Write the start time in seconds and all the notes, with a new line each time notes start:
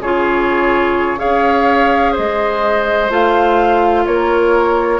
0.00 C#3 F4 G#4 C#5
1.18 C#4 G#4 C#5 F5
2.12 C5 D#5
2.18 G#3
3.10 A3 F4 F5
4.06 A#3 A#4 C#5